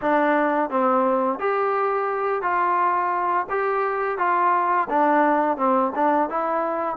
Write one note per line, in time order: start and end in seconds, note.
0.01 0.70 D4
0.70 1.39 C4
1.39 2.42 G4
2.42 3.46 F4
3.49 4.18 G4
4.18 4.87 F4
4.89 5.57 D4
5.57 5.92 C4
5.95 6.29 D4
6.29 6.96 E4